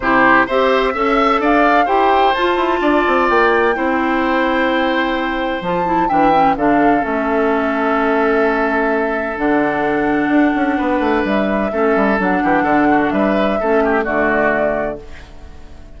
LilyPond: <<
  \new Staff \with { instrumentName = "flute" } { \time 4/4 \tempo 4 = 128 c''4 e''2 f''4 | g''4 a''2 g''4~ | g''1 | a''4 g''4 f''4 e''4~ |
e''1 | fis''1 | e''2 fis''2 | e''2 d''2 | }
  \new Staff \with { instrumentName = "oboe" } { \time 4/4 g'4 c''4 e''4 d''4 | c''2 d''2 | c''1~ | c''4 e''4 a'2~ |
a'1~ | a'2. b'4~ | b'4 a'4. g'8 a'8 fis'8 | b'4 a'8 g'8 fis'2 | }
  \new Staff \with { instrumentName = "clarinet" } { \time 4/4 e'4 g'4 a'2 | g'4 f'2. | e'1 | f'8 e'8 d'8 cis'8 d'4 cis'4~ |
cis'1 | d'1~ | d'4 cis'4 d'2~ | d'4 cis'4 a2 | }
  \new Staff \with { instrumentName = "bassoon" } { \time 4/4 c4 c'4 cis'4 d'4 | e'4 f'8 e'8 d'8 c'8 ais4 | c'1 | f4 e4 d4 a4~ |
a1 | d2 d'8 cis'8 b8 a8 | g4 a8 g8 fis8 e8 d4 | g4 a4 d2 | }
>>